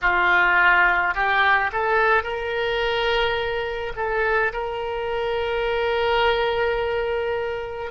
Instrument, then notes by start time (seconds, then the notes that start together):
oboe
0.01 F4
1.14 G4
1.72 A4
2.23 A#4
3.96 A4
4.52 A#4